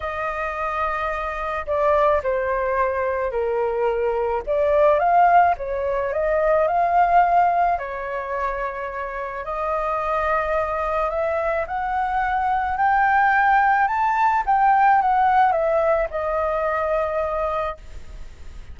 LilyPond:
\new Staff \with { instrumentName = "flute" } { \time 4/4 \tempo 4 = 108 dis''2. d''4 | c''2 ais'2 | d''4 f''4 cis''4 dis''4 | f''2 cis''2~ |
cis''4 dis''2. | e''4 fis''2 g''4~ | g''4 a''4 g''4 fis''4 | e''4 dis''2. | }